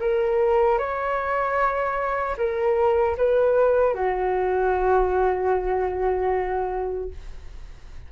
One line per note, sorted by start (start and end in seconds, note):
0.00 0.78 A#4
0.78 2.36 C#5
2.37 3.16 A#4
3.17 3.94 B4
3.94 7.10 F#4